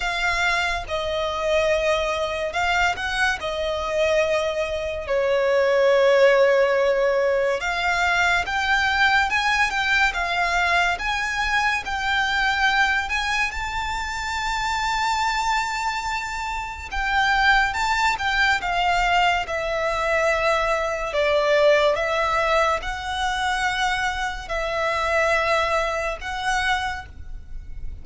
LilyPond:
\new Staff \with { instrumentName = "violin" } { \time 4/4 \tempo 4 = 71 f''4 dis''2 f''8 fis''8 | dis''2 cis''2~ | cis''4 f''4 g''4 gis''8 g''8 | f''4 gis''4 g''4. gis''8 |
a''1 | g''4 a''8 g''8 f''4 e''4~ | e''4 d''4 e''4 fis''4~ | fis''4 e''2 fis''4 | }